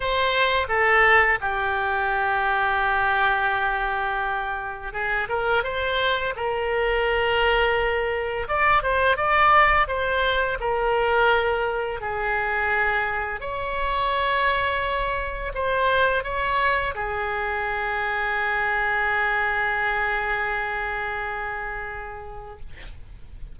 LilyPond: \new Staff \with { instrumentName = "oboe" } { \time 4/4 \tempo 4 = 85 c''4 a'4 g'2~ | g'2. gis'8 ais'8 | c''4 ais'2. | d''8 c''8 d''4 c''4 ais'4~ |
ais'4 gis'2 cis''4~ | cis''2 c''4 cis''4 | gis'1~ | gis'1 | }